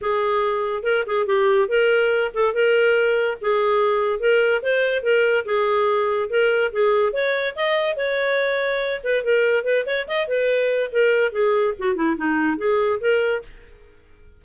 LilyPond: \new Staff \with { instrumentName = "clarinet" } { \time 4/4 \tempo 4 = 143 gis'2 ais'8 gis'8 g'4 | ais'4. a'8 ais'2 | gis'2 ais'4 c''4 | ais'4 gis'2 ais'4 |
gis'4 cis''4 dis''4 cis''4~ | cis''4. b'8 ais'4 b'8 cis''8 | dis''8 b'4. ais'4 gis'4 | fis'8 e'8 dis'4 gis'4 ais'4 | }